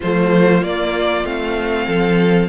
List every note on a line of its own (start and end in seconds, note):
0.00 0.61 F3
0.00 0.62 A3
0.00 1.87 F4
0.00 0.63 C5
0.61 1.24 A#3
0.61 1.25 D5
1.24 1.86 A3
1.24 2.48 C4
1.24 2.48 F5
1.87 2.48 F3
1.87 2.48 A4